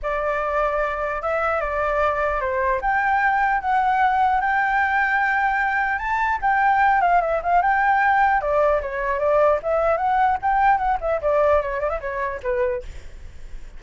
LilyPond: \new Staff \with { instrumentName = "flute" } { \time 4/4 \tempo 4 = 150 d''2. e''4 | d''2 c''4 g''4~ | g''4 fis''2 g''4~ | g''2. a''4 |
g''4. f''8 e''8 f''8 g''4~ | g''4 d''4 cis''4 d''4 | e''4 fis''4 g''4 fis''8 e''8 | d''4 cis''8 d''16 e''16 cis''4 b'4 | }